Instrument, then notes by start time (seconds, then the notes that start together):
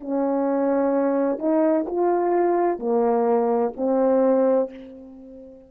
horn
0.00 C#4
1.38 D#4
1.87 F4
2.79 A#3
3.76 C4